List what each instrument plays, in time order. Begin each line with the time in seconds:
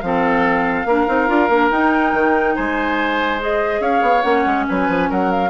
0.00 bassoon F3, clarinet C4, oboe A4, flute F5
0.85 bassoon A#3, clarinet D4, oboe A#4
1.06 bassoon C4, clarinet D#4
1.27 bassoon D4, clarinet F4
1.49 bassoon A#3, clarinet D4
1.70 bassoon D#4, clarinet D#4, flute G5
2.13 bassoon D#3
2.55 bassoon G#3, oboe C5, flute G#5
3.40 clarinet G#4, flute D#5
3.80 bassoon C#4, oboe C#5, flute F5
4.01 bassoon B3
4.22 bassoon A#3, clarinet C#4, flute F#5
4.45 bassoon G#3
4.68 bassoon F#3, oboe B4, flute G#5
4.88 bassoon F3
5.09 bassoon F#3, oboe A#4, flute F#5
5.31 flute F5